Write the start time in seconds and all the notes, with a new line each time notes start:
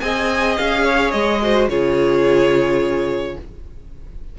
0.00 C4 G#4 D#5 G#5
0.57 C#4 F5
0.84 C#5
1.11 G#3 D#5
1.42 F#4 C5
1.68 C#3 F4 G#4 C#5